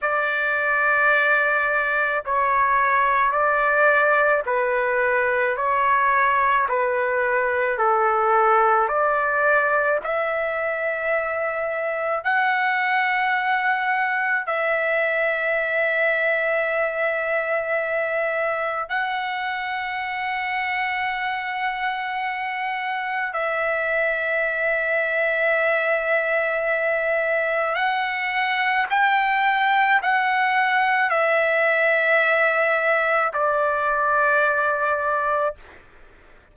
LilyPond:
\new Staff \with { instrumentName = "trumpet" } { \time 4/4 \tempo 4 = 54 d''2 cis''4 d''4 | b'4 cis''4 b'4 a'4 | d''4 e''2 fis''4~ | fis''4 e''2.~ |
e''4 fis''2.~ | fis''4 e''2.~ | e''4 fis''4 g''4 fis''4 | e''2 d''2 | }